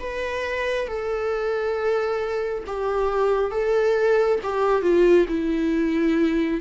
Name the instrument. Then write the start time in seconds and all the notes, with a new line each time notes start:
viola
0.00 B4
0.88 A4
2.67 G4
3.52 A4
4.44 G4
4.82 F4
5.29 E4